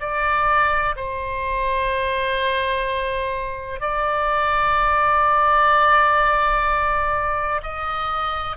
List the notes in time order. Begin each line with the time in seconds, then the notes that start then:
0.00 D5
0.96 C5
3.80 D5
7.62 D#5